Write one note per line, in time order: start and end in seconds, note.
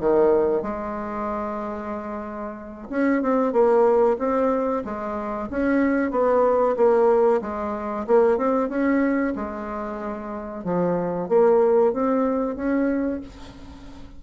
0.00 0.63 D#3
0.63 2.88 G#3
2.90 3.23 C#4
3.23 3.53 C4
3.53 4.17 A#3
4.19 4.84 C4
4.85 5.50 G#3
5.51 6.11 C#4
6.11 6.76 B3
6.77 7.42 A#3
7.42 8.06 G#3
8.07 8.38 A#3
8.38 8.69 C4
8.69 9.34 C#4
9.35 10.65 G#3
10.65 11.29 F3
11.29 11.94 A#3
11.94 12.56 C4
12.56 13.21 C#4